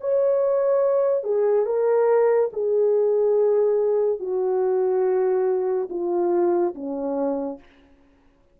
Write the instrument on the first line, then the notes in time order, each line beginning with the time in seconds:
horn
0.00 C#5
1.23 G#4
1.65 A#4
2.52 G#4
4.19 F#4
5.89 F4
6.74 C#4